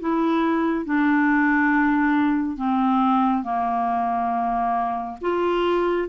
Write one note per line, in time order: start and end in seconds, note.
0.00 0.85 E4
0.85 2.57 D4
2.57 3.43 C4
3.43 5.17 A#3
5.21 6.08 F4